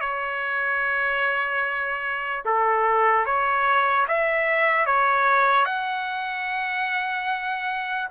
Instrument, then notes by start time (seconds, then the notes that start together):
trumpet
0.00 C#5
2.45 A4
3.25 C#5
4.08 E5
4.86 C#5
5.65 F#5